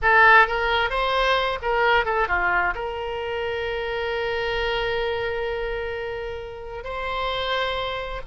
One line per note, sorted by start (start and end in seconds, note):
0.02 0.47 A4
0.47 0.90 A#4
0.90 1.58 C5
1.62 2.05 A#4
2.05 2.28 A4
2.28 2.74 F4
2.74 6.83 A#4
6.83 8.21 C5